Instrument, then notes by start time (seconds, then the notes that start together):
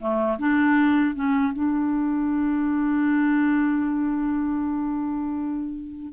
clarinet
0.00 A3
0.39 D4
1.15 C#4
1.53 D4